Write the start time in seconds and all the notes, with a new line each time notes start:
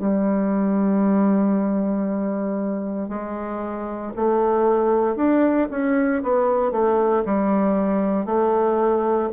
0.00 G3
3.09 G#3
4.17 A3
5.17 D4
5.71 C#4
6.24 B3
6.72 A3
7.26 G3
8.26 A3